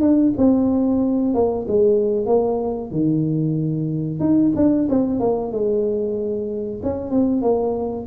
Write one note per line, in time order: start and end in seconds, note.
0.00 0.32 D4
0.37 1.34 C4
1.34 1.66 A#3
1.67 2.26 G#3
2.26 2.91 A#3
2.91 4.19 D#3
4.19 4.52 D#4
4.56 4.88 D4
4.89 5.20 C4
5.20 5.52 A#3
5.52 6.81 G#3
6.83 7.11 C#4
7.11 7.42 C4
7.42 8.06 A#3